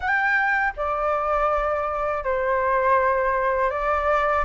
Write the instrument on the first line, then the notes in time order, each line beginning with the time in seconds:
flute
0.00 G5
0.76 D5
2.24 C5
3.70 D5